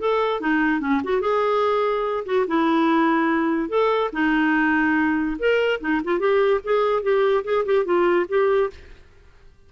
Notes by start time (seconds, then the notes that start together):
0.00 A4
0.41 D#4
0.81 C#4
1.04 F#4
1.21 G#4
2.26 F#4
2.47 E4
3.69 A4
4.13 D#4
5.39 A#4
5.81 D#4
6.05 F4
6.20 G4
6.64 G#4
7.03 G4
7.44 G#4
7.66 G4
7.85 F4
8.29 G4